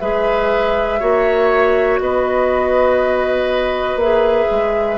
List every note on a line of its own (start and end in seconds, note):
0.00 1.02 G#3
0.00 1.00 G#4
0.00 1.00 B4
0.00 2.00 E5
1.00 2.00 A#3
1.00 4.00 F#4
1.00 2.00 C#5
2.00 3.96 B3
2.00 4.99 B4
2.00 4.00 D#5
3.96 4.46 A#3
3.96 4.99 G#4
3.96 4.99 E5
4.51 4.99 G#3